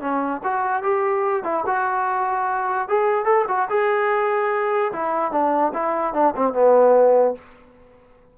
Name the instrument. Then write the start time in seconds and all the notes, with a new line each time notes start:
trombone
0.00 C#4
0.43 F#4
0.83 G4
1.43 E4
1.66 F#4
2.88 G#4
3.24 A4
3.47 F#4
3.69 G#4
4.92 E4
5.31 D4
5.73 E4
6.13 D4
6.36 C4
6.53 B3